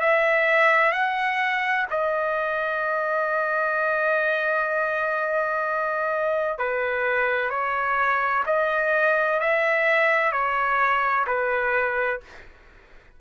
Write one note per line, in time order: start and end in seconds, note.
0.00 0.92 E5
0.92 1.86 F#5
1.90 6.58 D#5
6.58 7.50 B4
7.50 8.44 C#5
8.46 9.40 D#5
9.40 10.32 E5
10.32 11.26 C#5
11.27 12.20 B4